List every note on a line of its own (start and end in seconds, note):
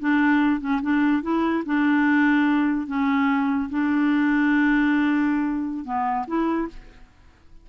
0.00 0.61 D4
0.61 0.81 C#4
0.82 1.23 D4
1.23 1.64 E4
1.66 2.87 D4
2.87 3.69 C#4
3.70 5.85 D4
5.85 6.26 B3
6.28 6.69 E4